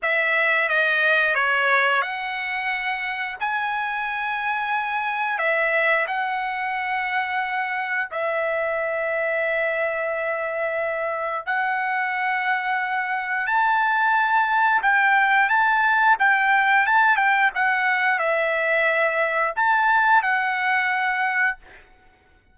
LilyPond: \new Staff \with { instrumentName = "trumpet" } { \time 4/4 \tempo 4 = 89 e''4 dis''4 cis''4 fis''4~ | fis''4 gis''2. | e''4 fis''2. | e''1~ |
e''4 fis''2. | a''2 g''4 a''4 | g''4 a''8 g''8 fis''4 e''4~ | e''4 a''4 fis''2 | }